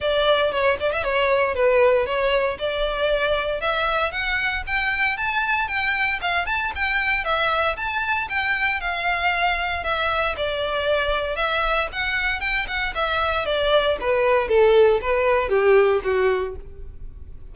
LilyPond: \new Staff \with { instrumentName = "violin" } { \time 4/4 \tempo 4 = 116 d''4 cis''8 d''16 e''16 cis''4 b'4 | cis''4 d''2 e''4 | fis''4 g''4 a''4 g''4 | f''8 a''8 g''4 e''4 a''4 |
g''4 f''2 e''4 | d''2 e''4 fis''4 | g''8 fis''8 e''4 d''4 b'4 | a'4 b'4 g'4 fis'4 | }